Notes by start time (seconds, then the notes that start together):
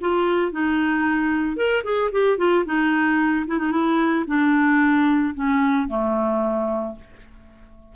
0.00 F4
0.52 D#4
1.56 A#4
1.83 G#4
2.11 G4
2.37 F4
2.65 D#4
3.47 E4
3.58 D#4
3.71 E4
4.27 D4
5.34 C#4
5.88 A3